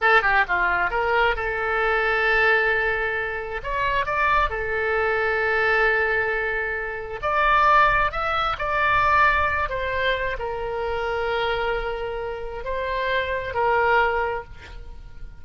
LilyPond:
\new Staff \with { instrumentName = "oboe" } { \time 4/4 \tempo 4 = 133 a'8 g'8 f'4 ais'4 a'4~ | a'1 | cis''4 d''4 a'2~ | a'1 |
d''2 e''4 d''4~ | d''4. c''4. ais'4~ | ais'1 | c''2 ais'2 | }